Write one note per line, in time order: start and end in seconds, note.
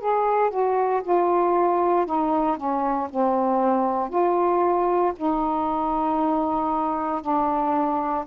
0.00 0.50 G#4
0.50 1.02 F#4
1.03 2.06 F4
2.06 2.57 D#4
2.57 3.08 C#4
3.10 4.10 C4
4.10 5.13 F4
5.16 7.21 D#4
7.21 8.25 D4